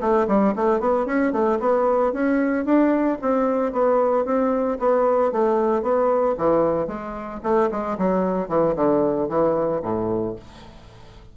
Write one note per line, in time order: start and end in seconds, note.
0.00 0.27 A3
0.27 0.54 G3
0.55 0.80 A3
0.80 1.05 B3
1.05 1.32 C#4
1.32 1.59 A3
1.59 2.12 B3
2.12 2.65 C#4
2.65 3.18 D4
3.21 3.72 C4
3.72 4.25 B3
4.25 4.78 C4
4.79 5.32 B3
5.32 5.82 A3
5.82 6.35 B3
6.37 6.87 E3
6.87 7.40 G#3
7.43 7.69 A3
7.71 7.97 G#3
7.98 8.48 F#3
8.48 8.75 E3
8.75 9.28 D3
9.28 9.81 E3
9.82 10.35 A2